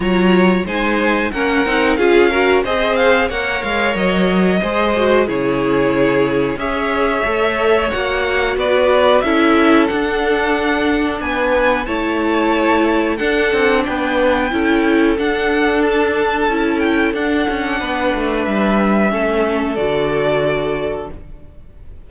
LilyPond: <<
  \new Staff \with { instrumentName = "violin" } { \time 4/4 \tempo 4 = 91 ais''4 gis''4 fis''4 f''4 | dis''8 f''8 fis''8 f''8 dis''2 | cis''2 e''2 | fis''4 d''4 e''4 fis''4~ |
fis''4 gis''4 a''2 | fis''4 g''2 fis''4 | a''4. g''8 fis''2 | e''2 d''2 | }
  \new Staff \with { instrumentName = "violin" } { \time 4/4 cis''4 c''4 ais'4 gis'8 ais'8 | c''4 cis''2 c''4 | gis'2 cis''2~ | cis''4 b'4 a'2~ |
a'4 b'4 cis''2 | a'4 b'4 a'2~ | a'2. b'4~ | b'4 a'2. | }
  \new Staff \with { instrumentName = "viola" } { \time 4/4 f'4 dis'4 cis'8 dis'8 f'8 fis'8 | gis'4 ais'2 gis'8 fis'8 | e'2 gis'4 a'4 | fis'2 e'4 d'4~ |
d'2 e'2 | d'2 e'4 d'4~ | d'4 e'4 d'2~ | d'4 cis'4 fis'2 | }
  \new Staff \with { instrumentName = "cello" } { \time 4/4 fis4 gis4 ais8 c'8 cis'4 | c'4 ais8 gis8 fis4 gis4 | cis2 cis'4 a4 | ais4 b4 cis'4 d'4~ |
d'4 b4 a2 | d'8 c'8 b4 cis'4 d'4~ | d'4 cis'4 d'8 cis'8 b8 a8 | g4 a4 d2 | }
>>